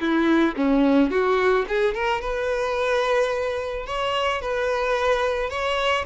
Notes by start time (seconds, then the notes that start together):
0.00 E4
0.56 C#4
1.10 F#4
1.68 G#4
1.94 A#4
2.21 B4
3.86 C#5
4.41 B4
5.50 C#5